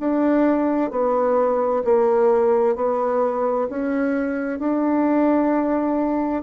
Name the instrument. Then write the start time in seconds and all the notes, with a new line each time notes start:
bassoon
0.00 D4
0.91 B3
1.85 A#3
2.76 B3
3.70 C#4
4.59 D4